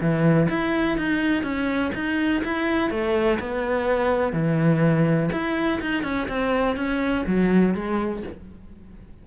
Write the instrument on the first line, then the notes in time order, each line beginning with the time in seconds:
cello
0.00 E3
0.49 E4
0.97 D#4
1.43 C#4
1.94 D#4
2.44 E4
2.90 A3
3.39 B3
4.32 E3
5.32 E4
5.81 D#4
6.03 C#4
6.28 C4
6.76 C#4
7.26 F#3
7.74 G#3